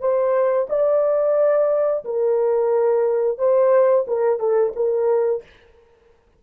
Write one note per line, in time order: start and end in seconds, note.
0.00 0.67 C5
0.69 2.04 D5
2.05 3.38 A#4
3.38 4.05 C5
4.08 4.39 A#4
4.39 4.73 A4
4.76 5.43 A#4